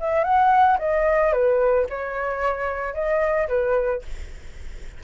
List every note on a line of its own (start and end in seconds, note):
0.00 0.24 E5
0.24 0.78 F#5
0.79 1.33 D#5
1.33 1.87 B4
1.90 2.94 C#5
2.94 3.48 D#5
3.48 4.02 B4